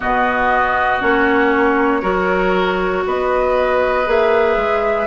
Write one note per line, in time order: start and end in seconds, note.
0.00 1.02 B2
0.00 1.00 B3
0.00 2.01 F#4
0.00 1.01 D#5
1.00 2.03 A#3
1.00 2.01 C#4
1.00 3.05 C#5
2.01 3.04 F#3
2.01 4.04 F#4
2.01 3.03 A#4
3.06 4.07 B3
3.06 5.07 B4
3.06 4.09 D#5
4.05 4.56 A#3
4.05 5.07 G#4
4.05 5.07 E5
4.56 5.07 G#3